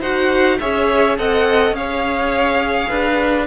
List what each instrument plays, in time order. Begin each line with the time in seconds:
0.00 cello D#4, viola F#4, violin C5 F#5
0.59 cello C#4, viola G#4, violin C#5 E5
1.18 cello C4, viola A4, violin D#5 F#5
1.71 cello C#4, viola G#4, violin F5
1.77 violin C#5
2.89 cello D4, violin B4